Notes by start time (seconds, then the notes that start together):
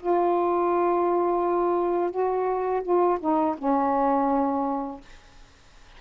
0.00 F4
2.11 F#4
2.83 F4
3.20 D#4
3.58 C#4